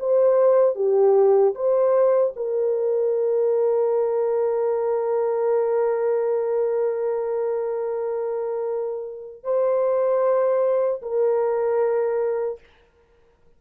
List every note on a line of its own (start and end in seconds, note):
0.00 0.76 C5
0.76 1.55 G4
1.55 2.34 C5
2.36 9.44 A#4
9.44 11.02 C5
11.02 12.60 A#4